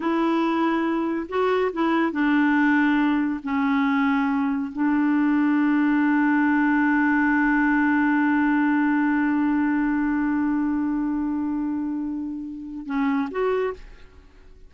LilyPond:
\new Staff \with { instrumentName = "clarinet" } { \time 4/4 \tempo 4 = 140 e'2. fis'4 | e'4 d'2. | cis'2. d'4~ | d'1~ |
d'1~ | d'1~ | d'1~ | d'2 cis'4 fis'4 | }